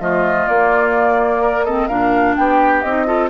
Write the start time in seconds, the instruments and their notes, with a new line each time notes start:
0.00 bassoon F3, clarinet A3, oboe F4, flute D#5
0.47 clarinet A#3, bassoon A#3, flute D5
1.41 oboe A#4
1.64 clarinet C4, oboe A4, flute D#5
1.87 bassoon A#2, clarinet D4, oboe A#4, flute F5
2.36 bassoon B3, oboe G4, flute G5
2.82 bassoon C4, clarinet D#4, flute D#5
3.06 clarinet F4, oboe A4